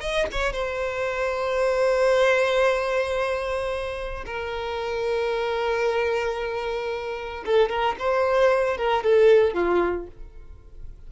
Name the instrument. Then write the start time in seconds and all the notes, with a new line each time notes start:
violin
0.00 D#5
0.32 C#5
0.52 C5
4.26 A#4
7.45 A4
7.69 A#4
7.99 C5
8.77 A#4
9.03 A4
9.54 F4